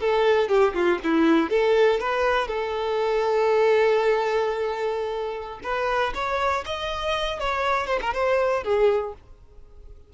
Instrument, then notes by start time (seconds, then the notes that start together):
violin
0.00 A4
0.48 G4
0.74 F4
1.04 E4
1.50 A4
2.00 B4
2.48 A4
5.63 B4
6.14 C#5
6.66 D#5
7.40 C#5
7.87 C5
8.01 A#4
8.13 C5
8.64 G#4